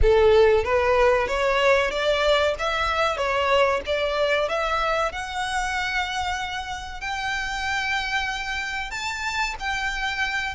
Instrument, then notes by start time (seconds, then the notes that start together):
violin
0.01 A4
0.64 B4
1.27 C#5
1.90 D5
2.59 E5
3.17 C#5
3.86 D5
4.49 E5
5.12 F#5
7.00 G5
8.90 A5
9.59 G5